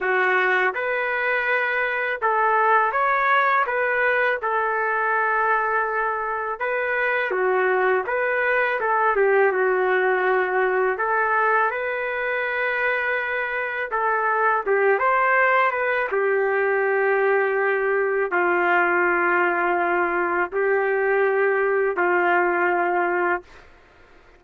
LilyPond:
\new Staff \with { instrumentName = "trumpet" } { \time 4/4 \tempo 4 = 82 fis'4 b'2 a'4 | cis''4 b'4 a'2~ | a'4 b'4 fis'4 b'4 | a'8 g'8 fis'2 a'4 |
b'2. a'4 | g'8 c''4 b'8 g'2~ | g'4 f'2. | g'2 f'2 | }